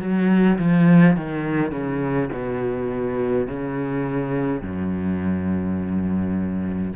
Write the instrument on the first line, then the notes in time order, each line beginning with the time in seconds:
cello
0.00 F#3
0.58 F3
1.16 D#3
1.72 C#3
2.32 B2
3.47 C#3
4.62 F#2